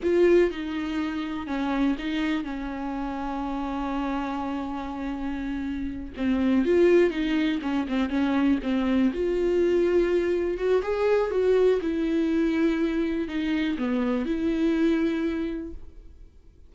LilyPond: \new Staff \with { instrumentName = "viola" } { \time 4/4 \tempo 4 = 122 f'4 dis'2 cis'4 | dis'4 cis'2.~ | cis'1~ | cis'8 c'4 f'4 dis'4 cis'8 |
c'8 cis'4 c'4 f'4.~ | f'4. fis'8 gis'4 fis'4 | e'2. dis'4 | b4 e'2. | }